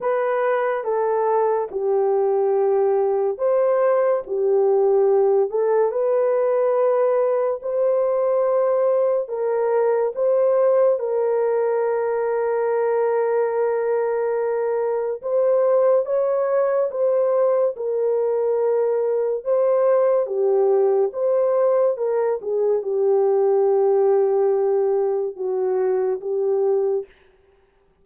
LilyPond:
\new Staff \with { instrumentName = "horn" } { \time 4/4 \tempo 4 = 71 b'4 a'4 g'2 | c''4 g'4. a'8 b'4~ | b'4 c''2 ais'4 | c''4 ais'2.~ |
ais'2 c''4 cis''4 | c''4 ais'2 c''4 | g'4 c''4 ais'8 gis'8 g'4~ | g'2 fis'4 g'4 | }